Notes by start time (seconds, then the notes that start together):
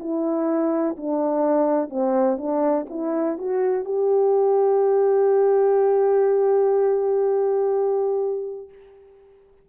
0.00 E4
0.97 D4
1.90 C4
2.38 D4
2.90 E4
3.38 F#4
3.85 G4